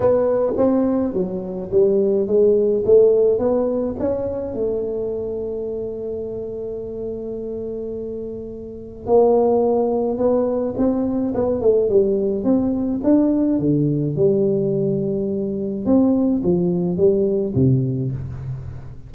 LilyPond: \new Staff \with { instrumentName = "tuba" } { \time 4/4 \tempo 4 = 106 b4 c'4 fis4 g4 | gis4 a4 b4 cis'4 | a1~ | a1 |
ais2 b4 c'4 | b8 a8 g4 c'4 d'4 | d4 g2. | c'4 f4 g4 c4 | }